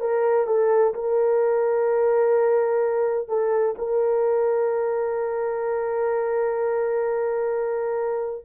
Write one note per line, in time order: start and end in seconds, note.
0.00 0.46 A#4
0.46 0.93 A4
0.94 3.28 A#4
3.28 3.75 A4
3.78 8.45 A#4